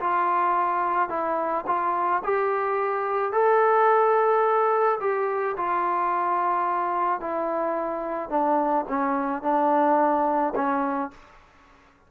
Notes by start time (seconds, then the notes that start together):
0.00 F4
1.09 E4
1.67 F4
2.24 G4
3.32 A4
5.00 G4
5.57 F4
7.20 E4
8.30 D4
8.88 C#4
9.42 D4
10.55 C#4